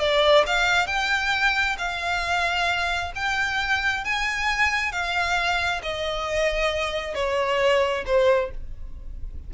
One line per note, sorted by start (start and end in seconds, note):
0.00 0.45 D5
0.47 0.87 F5
0.87 1.77 G5
1.78 3.13 F5
3.16 4.05 G5
4.05 4.92 G#5
4.92 5.82 F5
5.83 7.15 D#5
7.15 8.05 C#5
8.06 8.51 C5